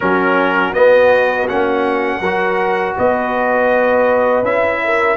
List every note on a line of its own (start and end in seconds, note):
0.00 0.74 F#3
0.00 0.73 C#4
0.00 2.19 F#4
0.00 0.73 A#4
0.73 1.48 B3
0.73 1.47 D#5
1.48 2.20 A#3
1.48 2.23 C#4
1.48 2.96 F#5
2.19 2.94 F#3
2.19 4.44 F#4
2.19 2.93 A#4
2.97 4.42 B3
2.97 4.82 B4
2.97 4.45 D#5
4.42 5.16 C#4
4.42 5.16 E4
4.42 5.16 E5
4.83 5.16 A#4